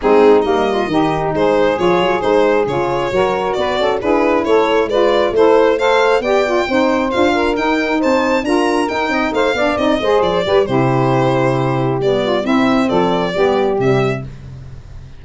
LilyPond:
<<
  \new Staff \with { instrumentName = "violin" } { \time 4/4 \tempo 4 = 135 gis'4 dis''2 c''4 | cis''4 c''4 cis''2 | d''4 b'4 cis''4 d''4 | c''4 f''4 g''2 |
f''4 g''4 a''4 ais''4 | g''4 f''4 dis''4 d''4 | c''2. d''4 | e''4 d''2 e''4 | }
  \new Staff \with { instrumentName = "saxophone" } { \time 4/4 dis'4. f'8 g'4 gis'4~ | gis'2. ais'4 | b'8 a'8 gis'4 a'4 b'4 | a'4 c''4 d''4 c''4~ |
c''8 ais'4. c''4 ais'4~ | ais'8 dis''8 c''8 d''4 c''4 b'8 | g'2.~ g'8 f'8 | e'4 a'4 g'2 | }
  \new Staff \with { instrumentName = "saxophone" } { \time 4/4 c'4 ais4 dis'2 | f'4 dis'4 f'4 fis'4~ | fis'4 e'2 f'4 | e'4 a'4 g'8 f'8 dis'4 |
f'4 dis'2 f'4 | dis'4. d'8 dis'8 gis'4 g'8 | e'2. b4 | c'2 b4 g4 | }
  \new Staff \with { instrumentName = "tuba" } { \time 4/4 gis4 g4 dis4 gis4 | f8 fis8 gis4 cis4 fis4 | b8 cis'8 d'4 a4 gis4 | a2 b4 c'4 |
d'4 dis'4 c'4 d'4 | dis'8 c'8 a8 b8 c'8 gis8 f8 g8 | c2. g4 | c'4 f4 g4 c4 | }
>>